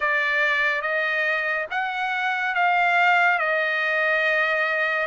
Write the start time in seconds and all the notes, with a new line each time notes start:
0.00 D5
0.81 D#5
1.71 F#5
2.54 F5
3.38 D#5